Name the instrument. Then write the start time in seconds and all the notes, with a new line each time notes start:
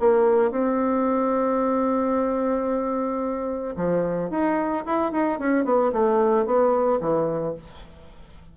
bassoon
0.00 A#3
0.51 C4
3.77 F3
4.30 D#4
4.86 E4
5.12 D#4
5.39 C#4
5.65 B3
5.93 A3
6.46 B3
7.01 E3